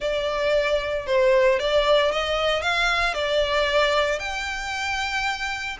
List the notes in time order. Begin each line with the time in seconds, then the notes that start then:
0.00 D5
1.06 C5
1.59 D5
2.11 D#5
2.61 F5
3.13 D5
4.19 G5